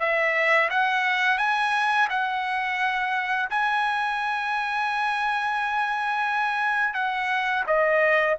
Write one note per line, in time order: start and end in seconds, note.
0.00 0.70 E5
0.70 1.39 F#5
1.39 2.08 G#5
2.10 3.50 F#5
3.50 6.95 G#5
6.95 7.64 F#5
7.67 8.37 D#5